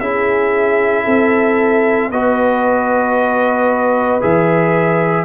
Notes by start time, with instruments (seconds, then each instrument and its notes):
0.00 tuba C#4, trombone E4, horn G#4, trumpet E5
1.04 tuba C4, horn A4
2.11 tuba B3, trombone F#4, horn B4, trumpet D#5
4.21 tuba E3, trombone G#4, trumpet E5